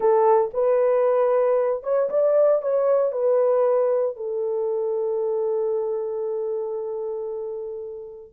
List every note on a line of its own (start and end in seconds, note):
0.00 0.51 A4
0.53 1.83 B4
1.83 2.09 C#5
2.09 2.61 D5
2.62 3.12 C#5
3.12 4.16 B4
4.16 8.33 A4